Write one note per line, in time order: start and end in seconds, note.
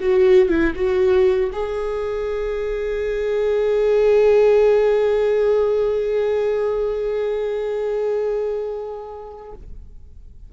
0.00 0.48 F#4
0.48 0.73 E4
0.75 1.50 F#4
1.52 9.52 G#4